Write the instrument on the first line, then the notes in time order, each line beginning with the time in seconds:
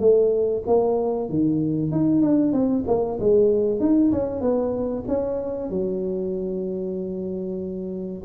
tuba
0.00 A3
0.67 A#3
1.29 D#3
1.91 D#4
2.22 D4
2.53 C4
2.87 A#3
3.20 G#3
3.80 D#4
4.12 C#4
4.41 B3
5.08 C#4
5.70 F#3